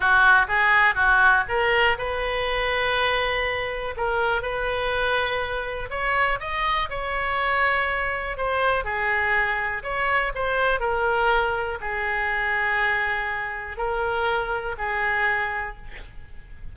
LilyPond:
\new Staff \with { instrumentName = "oboe" } { \time 4/4 \tempo 4 = 122 fis'4 gis'4 fis'4 ais'4 | b'1 | ais'4 b'2. | cis''4 dis''4 cis''2~ |
cis''4 c''4 gis'2 | cis''4 c''4 ais'2 | gis'1 | ais'2 gis'2 | }